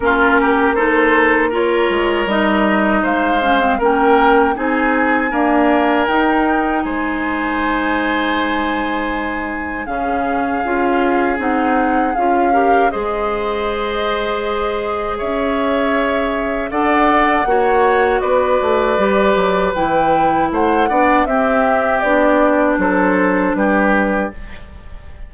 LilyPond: <<
  \new Staff \with { instrumentName = "flute" } { \time 4/4 \tempo 4 = 79 ais'4 c''4 cis''4 dis''4 | f''4 g''4 gis''2 | g''4 gis''2.~ | gis''4 f''2 fis''4 |
f''4 dis''2. | e''2 fis''2 | d''2 g''4 fis''4 | e''4 d''4 c''4 b'4 | }
  \new Staff \with { instrumentName = "oboe" } { \time 4/4 f'8 g'8 a'4 ais'2 | c''4 ais'4 gis'4 ais'4~ | ais'4 c''2.~ | c''4 gis'2.~ |
gis'8 ais'8 c''2. | cis''2 d''4 cis''4 | b'2. c''8 d''8 | g'2 a'4 g'4 | }
  \new Staff \with { instrumentName = "clarinet" } { \time 4/4 cis'4 dis'4 f'4 dis'4~ | dis'8 cis'16 c'16 cis'4 dis'4 ais4 | dis'1~ | dis'4 cis'4 f'4 dis'4 |
f'8 g'8 gis'2.~ | gis'2 a'4 fis'4~ | fis'4 g'4 e'4. d'8 | c'4 d'2. | }
  \new Staff \with { instrumentName = "bassoon" } { \time 4/4 ais2~ ais8 gis8 g4 | gis4 ais4 c'4 d'4 | dis'4 gis2.~ | gis4 cis4 cis'4 c'4 |
cis'4 gis2. | cis'2 d'4 ais4 | b8 a8 g8 fis8 e4 a8 b8 | c'4 b4 fis4 g4 | }
>>